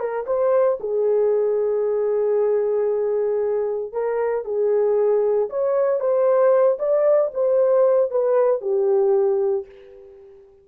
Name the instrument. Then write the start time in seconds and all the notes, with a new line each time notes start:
horn
0.00 A#4
0.27 C5
0.80 G#4
3.93 A#4
4.45 G#4
5.50 C#5
6.00 C5
6.79 D5
7.34 C5
8.11 B4
8.62 G4